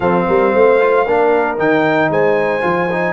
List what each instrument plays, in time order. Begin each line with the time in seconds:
0.00 tuba F3, trombone C4, horn A4, trumpet F5
0.26 tuba G3, horn A#4
0.52 tuba A3, horn C5
0.80 trombone F4
1.05 tuba A#3, trombone D4, horn A#4
1.57 tuba D#3, trombone D#4, trumpet G5
2.09 tuba G#3, horn C5, trumpet G#5
2.61 tuba F3, trombone F4
2.90 trombone D#4